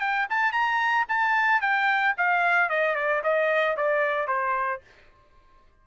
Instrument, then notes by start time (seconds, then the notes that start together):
trumpet
0.00 G5
0.30 A5
0.52 A#5
1.09 A5
1.61 G5
2.17 F5
2.70 D#5
2.96 D5
3.23 D#5
3.77 D5
4.28 C5